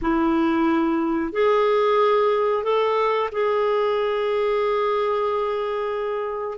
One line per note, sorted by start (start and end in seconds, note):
0.01 1.32 E4
1.32 2.63 G#4
2.63 3.29 A4
3.31 6.58 G#4